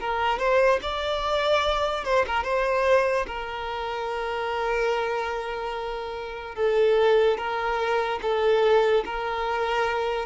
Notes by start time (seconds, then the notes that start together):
0.00 A#4
0.38 C5
0.82 D5
2.05 C5
2.27 A#4
2.44 C5
3.27 A#4
6.55 A4
7.37 A#4
8.22 A4
9.05 A#4